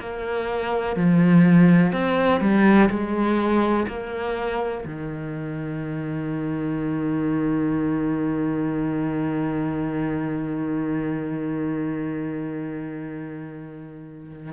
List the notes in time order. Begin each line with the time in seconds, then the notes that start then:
0.00 A#3
0.96 F3
1.93 C4
2.41 G3
2.90 G#3
3.88 A#3
4.86 D#3